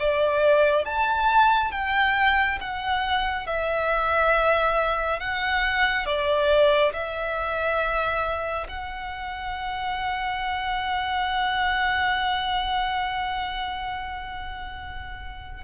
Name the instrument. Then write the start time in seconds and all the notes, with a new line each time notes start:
violin
0.00 D5
0.86 A5
1.72 G5
2.61 F#5
3.47 E5
5.21 F#5
6.06 D5
6.94 E5
8.69 F#5